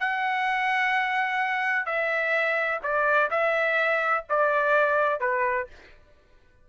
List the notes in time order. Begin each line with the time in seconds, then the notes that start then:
0.00 F#5
1.86 E5
2.83 D5
3.31 E5
4.30 D5
5.20 B4